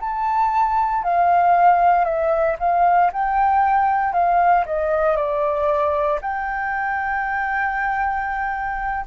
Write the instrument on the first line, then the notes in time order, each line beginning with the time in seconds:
flute
0.00 A5
1.03 F5
2.05 E5
2.59 F5
3.13 G5
4.13 F5
4.66 D#5
5.16 D5
6.21 G5